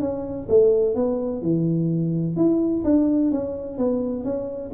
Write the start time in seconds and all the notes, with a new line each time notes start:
0.00 C#4
0.49 A3
0.95 B3
1.42 E3
2.36 E4
2.84 D4
3.31 C#4
3.78 B3
4.24 C#4